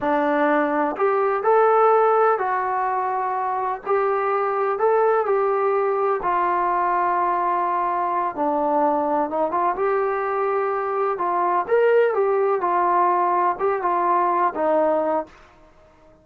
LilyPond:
\new Staff \with { instrumentName = "trombone" } { \time 4/4 \tempo 4 = 126 d'2 g'4 a'4~ | a'4 fis'2. | g'2 a'4 g'4~ | g'4 f'2.~ |
f'4. d'2 dis'8 | f'8 g'2. f'8~ | f'8 ais'4 g'4 f'4.~ | f'8 g'8 f'4. dis'4. | }